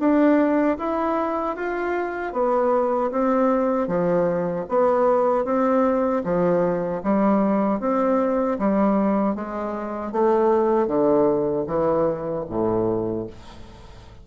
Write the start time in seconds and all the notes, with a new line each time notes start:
0.00 D4
0.79 E4
1.56 F4
2.33 B3
3.12 C4
3.88 F3
4.69 B3
5.45 C4
6.24 F3
7.03 G3
7.80 C4
8.59 G3
9.36 G#3
10.12 A3
10.88 D3
11.67 E3
12.50 A2